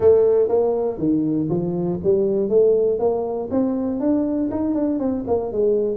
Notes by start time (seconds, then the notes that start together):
0.00 A3
0.48 A#3
0.98 D#3
1.49 F3
2.03 G3
2.49 A3
2.99 A#3
3.50 C4
4.00 D4
4.50 D#4
4.74 D4
4.99 C4
5.27 A#3
5.52 G#3